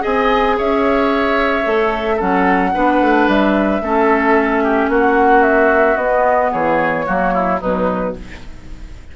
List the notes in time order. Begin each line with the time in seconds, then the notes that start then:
0.00 C4 G#4 D#5 G#5
0.57 C#4 C#5 E5
1.63 A3 A4
2.15 F#3 C#4 A4 F#5
2.74 B3 D4 B4
3.01 A3
3.27 G3 E5
3.81 A3 C#4 A4
4.63 G4
4.88 A#3 F#4 F#5
5.42 E5
5.96 B3 D#5
6.52 E3 G#4 C#5
7.05 F#3 A#3 F#4
7.33 E4
7.60 B2 F#3 D#4 B4